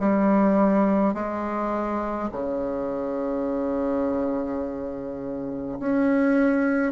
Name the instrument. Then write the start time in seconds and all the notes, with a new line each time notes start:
bassoon
0.00 G3
1.14 G#3
2.32 C#3
5.80 C#4